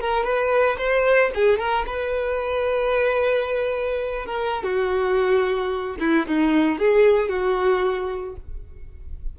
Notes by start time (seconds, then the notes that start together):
0.00 A#4
0.24 B4
0.78 C5
1.34 G#4
1.59 A#4
1.87 B4
4.26 A#4
4.63 F#4
6.00 E4
6.27 D#4
6.78 G#4
7.29 F#4